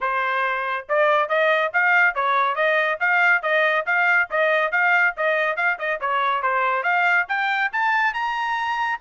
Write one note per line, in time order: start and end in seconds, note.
0.00 0.86 C5
0.88 1.28 D5
1.28 1.71 D#5
1.73 2.14 F5
2.14 2.55 C#5
2.55 2.98 D#5
3.00 3.42 F5
3.42 3.85 D#5
3.86 4.29 F5
4.30 4.71 D#5
4.71 5.14 F5
5.16 5.56 D#5
5.56 5.77 F5
5.78 6.00 D#5
6.00 6.42 C#5
6.42 6.83 C5
6.83 7.25 F5
7.28 7.71 G5
7.72 8.13 A5
8.13 8.99 A#5